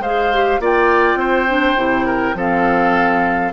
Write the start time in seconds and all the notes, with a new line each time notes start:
0.00 G#3 G#4 C5 F5
0.34 G4
0.60 A#3 F4 D5 G5
1.15 C4 C5
1.48 D4
1.77 C3 E4
2.06 A#4
2.35 F3 C4 A4 F5